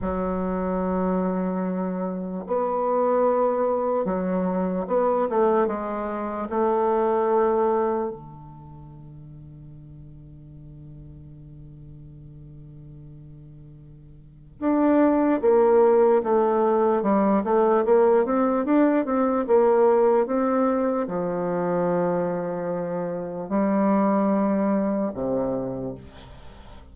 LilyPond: \new Staff \with { instrumentName = "bassoon" } { \time 4/4 \tempo 4 = 74 fis2. b4~ | b4 fis4 b8 a8 gis4 | a2 d2~ | d1~ |
d2 d'4 ais4 | a4 g8 a8 ais8 c'8 d'8 c'8 | ais4 c'4 f2~ | f4 g2 c4 | }